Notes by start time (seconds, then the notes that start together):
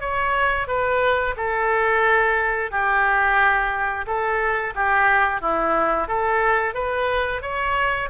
0.00 C#5
0.67 B4
1.37 A4
2.71 G4
4.07 A4
4.75 G4
5.41 E4
6.08 A4
6.74 B4
7.42 C#5